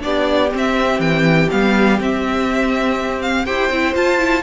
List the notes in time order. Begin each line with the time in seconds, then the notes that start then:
0.00 B3 D4 G4 D5
0.52 C4 E5
0.99 E3 G5
1.51 G3 B3 F5
2.00 C4 E5
3.22 F5
3.46 E4 G4 C5 G5
3.70 C4 E4
3.94 F4 A5
4.18 E4